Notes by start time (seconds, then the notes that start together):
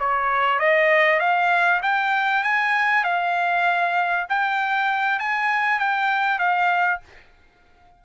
0.00 C#5
0.60 D#5
1.20 F5
1.83 G5
2.44 G#5
3.04 F5
4.29 G5
5.19 G#5
5.79 G5
6.39 F5